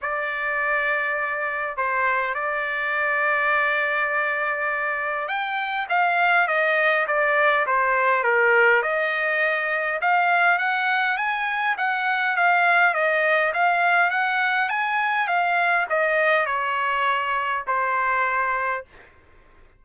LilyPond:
\new Staff \with { instrumentName = "trumpet" } { \time 4/4 \tempo 4 = 102 d''2. c''4 | d''1~ | d''4 g''4 f''4 dis''4 | d''4 c''4 ais'4 dis''4~ |
dis''4 f''4 fis''4 gis''4 | fis''4 f''4 dis''4 f''4 | fis''4 gis''4 f''4 dis''4 | cis''2 c''2 | }